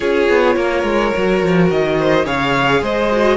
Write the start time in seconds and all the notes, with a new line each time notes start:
0.00 C#4 F4 G#4 C#5
0.29 B3
0.56 A#3 A#4
0.83 G#3
1.13 F#3 F#4
1.42 F3
1.70 D#3 D#5
1.98 C5
2.24 C#3 G#4 C#5 F5
2.81 G#3 C5 D#5
3.11 F#4